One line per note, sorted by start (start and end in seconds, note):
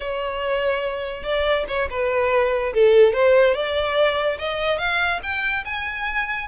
0.00 1.23 C#5
1.23 1.64 D5
1.67 1.88 C#5
1.90 2.73 B4
2.73 3.13 A4
3.13 3.54 C5
3.54 4.37 D5
4.38 4.78 D#5
4.78 5.20 F5
5.22 5.64 G5
5.65 6.47 G#5